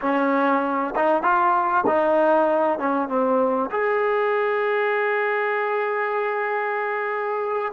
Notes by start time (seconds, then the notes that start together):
0.01 C#4
0.95 D#4
1.22 F4
1.86 D#4
2.78 C#4
3.08 C4
3.70 G#4